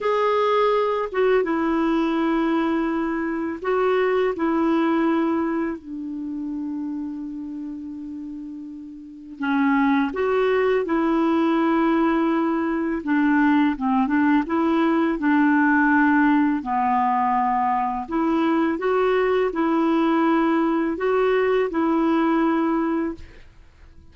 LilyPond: \new Staff \with { instrumentName = "clarinet" } { \time 4/4 \tempo 4 = 83 gis'4. fis'8 e'2~ | e'4 fis'4 e'2 | d'1~ | d'4 cis'4 fis'4 e'4~ |
e'2 d'4 c'8 d'8 | e'4 d'2 b4~ | b4 e'4 fis'4 e'4~ | e'4 fis'4 e'2 | }